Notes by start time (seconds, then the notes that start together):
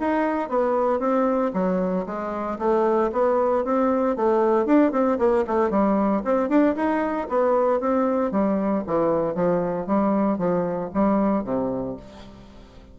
0.00 D#4
0.49 B3
0.99 C4
1.54 F#3
2.06 G#3
2.59 A3
3.13 B3
3.65 C4
4.16 A3
4.66 D4
4.92 C4
5.19 A#3
5.47 A3
5.70 G3
6.25 C4
6.49 D4
6.76 D#4
7.29 B3
7.80 C4
8.32 G3
8.87 E3
9.35 F3
9.87 G3
10.38 F3
10.94 G3
11.45 C3